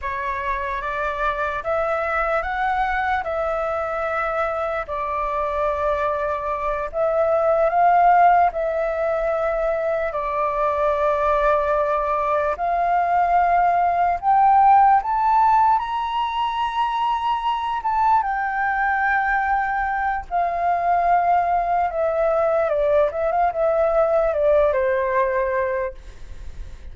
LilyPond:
\new Staff \with { instrumentName = "flute" } { \time 4/4 \tempo 4 = 74 cis''4 d''4 e''4 fis''4 | e''2 d''2~ | d''8 e''4 f''4 e''4.~ | e''8 d''2. f''8~ |
f''4. g''4 a''4 ais''8~ | ais''2 a''8 g''4.~ | g''4 f''2 e''4 | d''8 e''16 f''16 e''4 d''8 c''4. | }